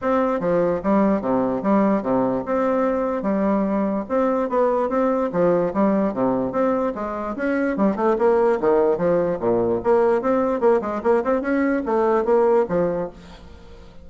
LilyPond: \new Staff \with { instrumentName = "bassoon" } { \time 4/4 \tempo 4 = 147 c'4 f4 g4 c4 | g4 c4 c'2 | g2 c'4 b4 | c'4 f4 g4 c4 |
c'4 gis4 cis'4 g8 a8 | ais4 dis4 f4 ais,4 | ais4 c'4 ais8 gis8 ais8 c'8 | cis'4 a4 ais4 f4 | }